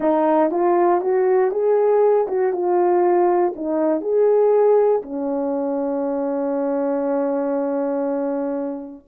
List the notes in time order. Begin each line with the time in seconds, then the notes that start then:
0.00 D#4
0.50 F4
1.01 F#4
1.51 G#4
2.27 F#4
2.52 F4
3.55 D#4
4.01 G#4
5.02 C#4